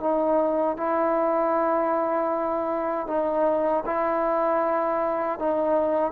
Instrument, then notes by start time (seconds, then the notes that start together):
trombone
0.00 D#4
0.77 E4
3.07 D#4
3.86 E4
5.39 D#4